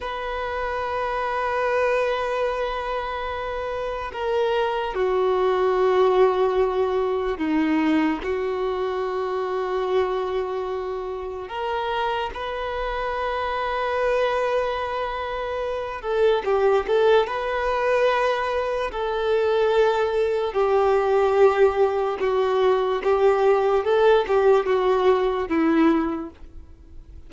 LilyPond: \new Staff \with { instrumentName = "violin" } { \time 4/4 \tempo 4 = 73 b'1~ | b'4 ais'4 fis'2~ | fis'4 dis'4 fis'2~ | fis'2 ais'4 b'4~ |
b'2.~ b'8 a'8 | g'8 a'8 b'2 a'4~ | a'4 g'2 fis'4 | g'4 a'8 g'8 fis'4 e'4 | }